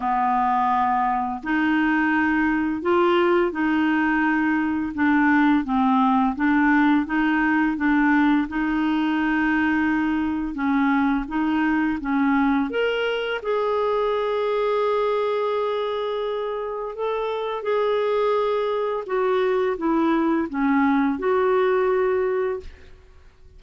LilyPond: \new Staff \with { instrumentName = "clarinet" } { \time 4/4 \tempo 4 = 85 b2 dis'2 | f'4 dis'2 d'4 | c'4 d'4 dis'4 d'4 | dis'2. cis'4 |
dis'4 cis'4 ais'4 gis'4~ | gis'1 | a'4 gis'2 fis'4 | e'4 cis'4 fis'2 | }